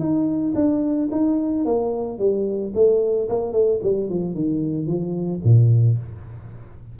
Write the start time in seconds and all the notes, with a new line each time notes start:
0.00 D#4
0.55 D4
1.12 D#4
1.65 A#3
2.19 G3
2.75 A3
3.29 A#3
3.53 A3
3.83 G3
4.10 F3
4.35 D#3
4.87 F3
5.45 A#2